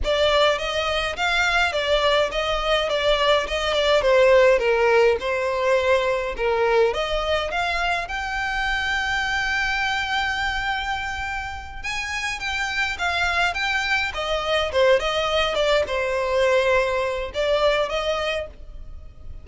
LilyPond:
\new Staff \with { instrumentName = "violin" } { \time 4/4 \tempo 4 = 104 d''4 dis''4 f''4 d''4 | dis''4 d''4 dis''8 d''8 c''4 | ais'4 c''2 ais'4 | dis''4 f''4 g''2~ |
g''1~ | g''8 gis''4 g''4 f''4 g''8~ | g''8 dis''4 c''8 dis''4 d''8 c''8~ | c''2 d''4 dis''4 | }